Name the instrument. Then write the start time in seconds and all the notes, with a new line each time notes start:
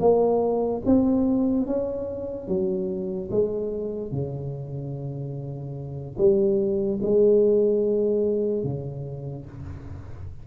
tuba
0.00 A#3
0.86 C4
1.66 C#4
2.48 F#3
3.31 G#3
4.12 C#3
6.18 G3
7.03 G#3
8.64 C#3